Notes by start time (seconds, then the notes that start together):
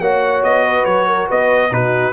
0.00 A#3 F#4 C#5 F#5
0.43 B3 D#5
0.65 B4
0.85 F#3 C#5
1.08 A#4
1.28 B3 B4 D#5
1.71 B2 D#4 F#4 B4